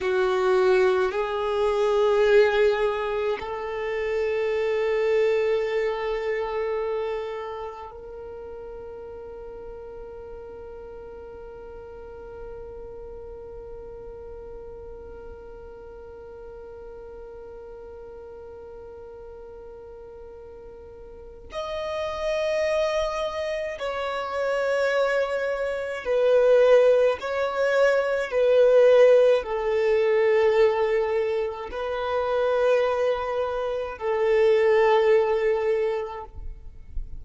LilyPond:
\new Staff \with { instrumentName = "violin" } { \time 4/4 \tempo 4 = 53 fis'4 gis'2 a'4~ | a'2. ais'4~ | ais'1~ | ais'1~ |
ais'2. dis''4~ | dis''4 cis''2 b'4 | cis''4 b'4 a'2 | b'2 a'2 | }